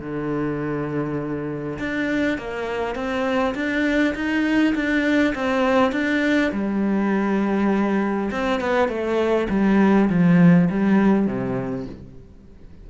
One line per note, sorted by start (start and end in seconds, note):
0.00 1.78 D3
1.78 2.38 D4
2.38 2.95 A#3
2.95 3.55 C4
3.55 4.14 D4
4.15 4.74 D#4
4.74 5.34 D4
5.35 5.92 C4
5.92 6.51 D4
6.52 8.30 G3
8.31 8.60 C4
8.60 8.88 B3
8.88 9.48 A3
9.50 10.09 G3
10.09 10.69 F3
10.70 11.27 G3
11.27 11.86 C3